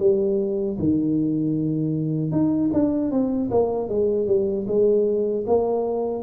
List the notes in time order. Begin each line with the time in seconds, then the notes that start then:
0.00 G3
0.79 D#3
2.32 D#4
2.74 D4
3.12 C4
3.51 A#3
3.89 G#3
4.28 G3
4.68 G#3
5.47 A#3